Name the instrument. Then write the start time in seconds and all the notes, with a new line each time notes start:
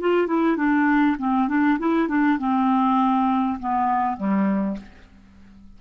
clarinet
0.00 F4
0.27 E4
0.56 D4
1.18 C4
1.48 D4
1.79 E4
2.08 D4
2.39 C4
3.59 B3
4.17 G3